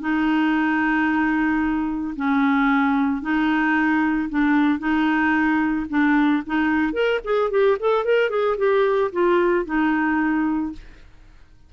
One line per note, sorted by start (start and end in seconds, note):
0.00 2.14 D#4
2.16 3.21 C#4
3.21 4.29 D#4
4.29 4.79 D4
4.79 5.86 D#4
5.89 6.43 D4
6.46 6.93 D#4
6.93 7.19 A#4
7.24 7.50 G#4
7.50 7.77 G4
7.79 8.05 A4
8.05 8.30 A#4
8.30 8.56 G#4
8.57 9.11 G4
9.12 9.65 F4
9.65 10.72 D#4